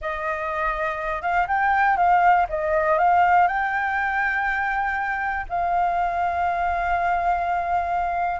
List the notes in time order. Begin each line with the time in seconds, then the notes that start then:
0.01 D#5
1.22 F5
1.47 G5
1.96 F5
2.49 D#5
2.98 F5
3.47 G5
5.49 F5